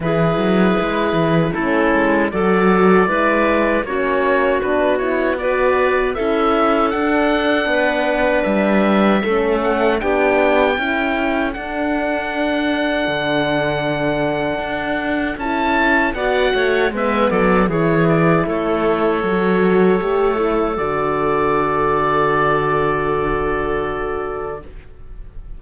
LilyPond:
<<
  \new Staff \with { instrumentName = "oboe" } { \time 4/4 \tempo 4 = 78 b'2 a'4 d''4~ | d''4 cis''4 b'8 cis''8 d''4 | e''4 fis''2 e''4~ | e''8 fis''8 g''2 fis''4~ |
fis''1 | a''4 fis''4 e''8 d''8 cis''8 d''8 | cis''2. d''4~ | d''1 | }
  \new Staff \with { instrumentName = "clarinet" } { \time 4/4 gis'2 e'4 a'4 | b'4 fis'2 b'4 | a'2 b'2 | a'4 g'4 a'2~ |
a'1~ | a'4 d''8 cis''8 b'8 a'8 gis'4 | a'1~ | a'1 | }
  \new Staff \with { instrumentName = "horn" } { \time 4/4 e'2 cis'4 fis'4 | e'4 cis'4 d'8 e'8 fis'4 | e'4 d'2. | cis'4 d'4 e'4 d'4~ |
d'1 | e'4 fis'4 b4 e'4~ | e'4 fis'4 g'8 e'8 fis'4~ | fis'1 | }
  \new Staff \with { instrumentName = "cello" } { \time 4/4 e8 fis8 gis8 e8 a8 gis8 fis4 | gis4 ais4 b2 | cis'4 d'4 b4 g4 | a4 b4 cis'4 d'4~ |
d'4 d2 d'4 | cis'4 b8 a8 gis8 fis8 e4 | a4 fis4 a4 d4~ | d1 | }
>>